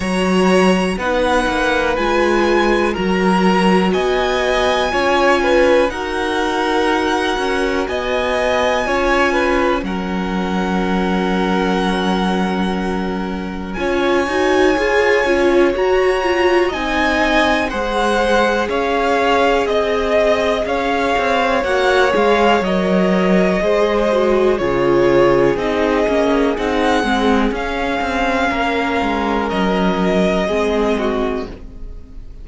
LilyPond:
<<
  \new Staff \with { instrumentName = "violin" } { \time 4/4 \tempo 4 = 61 ais''4 fis''4 gis''4 ais''4 | gis''2 fis''2 | gis''2 fis''2~ | fis''2 gis''2 |
ais''4 gis''4 fis''4 f''4 | dis''4 f''4 fis''8 f''8 dis''4~ | dis''4 cis''4 dis''4 fis''4 | f''2 dis''2 | }
  \new Staff \with { instrumentName = "violin" } { \time 4/4 cis''4 b'2 ais'4 | dis''4 cis''8 b'8 ais'2 | dis''4 cis''8 b'8 ais'2~ | ais'2 cis''2~ |
cis''4 dis''4 c''4 cis''4 | dis''4 cis''2. | c''4 gis'2.~ | gis'4 ais'2 gis'8 fis'8 | }
  \new Staff \with { instrumentName = "viola" } { \time 4/4 fis'4 dis'4 f'4 fis'4~ | fis'4 f'4 fis'2~ | fis'4 f'4 cis'2~ | cis'2 f'8 fis'8 gis'8 f'8 |
fis'8 f'8 dis'4 gis'2~ | gis'2 fis'8 gis'8 ais'4 | gis'8 fis'8 f'4 dis'8 cis'8 dis'8 c'8 | cis'2. c'4 | }
  \new Staff \with { instrumentName = "cello" } { \time 4/4 fis4 b8 ais8 gis4 fis4 | b4 cis'4 dis'4. cis'8 | b4 cis'4 fis2~ | fis2 cis'8 dis'8 f'8 cis'8 |
fis'4 c'4 gis4 cis'4 | c'4 cis'8 c'8 ais8 gis8 fis4 | gis4 cis4 c'8 ais8 c'8 gis8 | cis'8 c'8 ais8 gis8 fis4 gis4 | }
>>